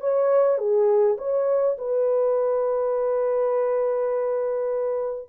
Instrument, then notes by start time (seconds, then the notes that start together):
horn
0.00 C#5
0.57 G#4
1.18 C#5
1.78 B4